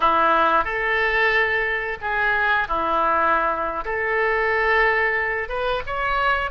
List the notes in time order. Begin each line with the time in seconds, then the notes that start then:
0.00 E4
0.64 A4
2.01 G#4
2.68 E4
3.84 A4
5.48 B4
5.86 C#5